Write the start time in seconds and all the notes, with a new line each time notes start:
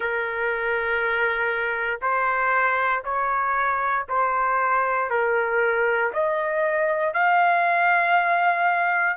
0.00 A#4
2.01 C5
3.04 C#5
4.08 C5
5.10 A#4
6.13 D#5
7.13 F5